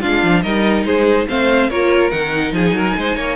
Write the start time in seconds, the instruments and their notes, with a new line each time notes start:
0.00 cello G#3, viola D4, violin F4 F5
0.23 cello F3
0.42 cello G3, viola D#4, violin A#4 D#5
0.84 cello G#3, violin G#4 C5
1.28 cello A3, viola C4, violin C5 F5
1.69 cello A#3, viola F4, violin A#4 C#5
2.10 cello D#3, viola D#4, violin F#5
2.53 cello F3, violin G#4 G#5
2.72 cello F#3, violin A#4
2.97 cello G#3, violin C5
3.16 cello A#3, violin C#5